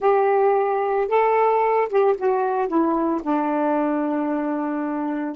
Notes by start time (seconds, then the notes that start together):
0.00 G4
1.08 A4
1.89 G4
2.17 F#4
2.67 E4
3.22 D4